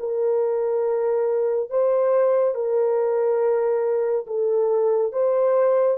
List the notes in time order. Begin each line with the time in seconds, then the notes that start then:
0.00 A#4
1.70 C5
2.55 A#4
4.27 A4
5.13 C5